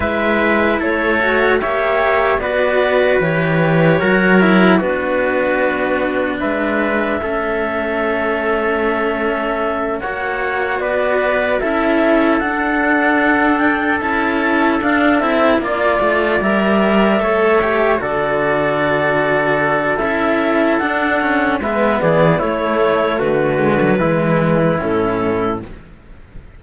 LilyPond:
<<
  \new Staff \with { instrumentName = "clarinet" } { \time 4/4 \tempo 4 = 75 e''4 cis''4 e''4 d''4 | cis''2 b'2 | e''1~ | e''8 fis''4 d''4 e''4 fis''8~ |
fis''4 g''8 a''4 f''8 e''8 d''8~ | d''8 e''2 d''4.~ | d''4 e''4 fis''4 e''8 d''8 | cis''4 b'2 a'4 | }
  \new Staff \with { instrumentName = "trumpet" } { \time 4/4 b'4 a'4 cis''4 b'4~ | b'4 ais'4 fis'2 | b'4 a'2.~ | a'8 cis''4 b'4 a'4.~ |
a'2.~ a'8 d''8~ | d''4. cis''4 a'4.~ | a'2. b'8 gis'8 | e'4 fis'4 e'2 | }
  \new Staff \with { instrumentName = "cello" } { \time 4/4 e'4. fis'8 g'4 fis'4 | g'4 fis'8 e'8 d'2~ | d'4 cis'2.~ | cis'8 fis'2 e'4 d'8~ |
d'4. e'4 d'8 e'8 f'8~ | f'8 ais'4 a'8 g'8 fis'4.~ | fis'4 e'4 d'8 cis'8 b4 | a4. gis16 fis16 gis4 cis'4 | }
  \new Staff \with { instrumentName = "cello" } { \time 4/4 gis4 a4 ais4 b4 | e4 fis4 b2 | gis4 a2.~ | a8 ais4 b4 cis'4 d'8~ |
d'4. cis'4 d'8 c'8 ais8 | a8 g4 a4 d4.~ | d4 cis'4 d'4 gis8 e8 | a4 d4 e4 a,4 | }
>>